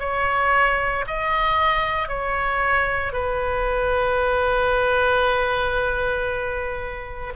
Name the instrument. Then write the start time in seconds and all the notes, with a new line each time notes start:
oboe
0.00 C#5
1.07 D#5
2.09 C#5
3.13 B4